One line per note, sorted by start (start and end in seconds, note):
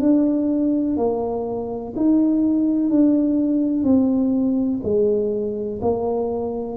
0.00 0.97 D4
0.97 1.94 A#3
1.96 2.90 D#4
2.90 3.84 D4
3.84 4.81 C4
4.83 5.80 G#3
5.82 6.77 A#3